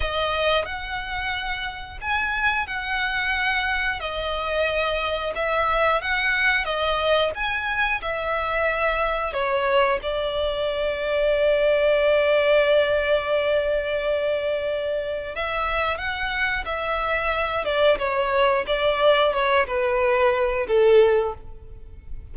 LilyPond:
\new Staff \with { instrumentName = "violin" } { \time 4/4 \tempo 4 = 90 dis''4 fis''2 gis''4 | fis''2 dis''2 | e''4 fis''4 dis''4 gis''4 | e''2 cis''4 d''4~ |
d''1~ | d''2. e''4 | fis''4 e''4. d''8 cis''4 | d''4 cis''8 b'4. a'4 | }